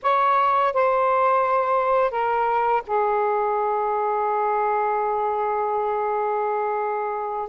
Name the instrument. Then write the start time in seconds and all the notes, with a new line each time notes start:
saxophone
0.02 C#5
0.73 C5
2.11 A#4
2.86 G#4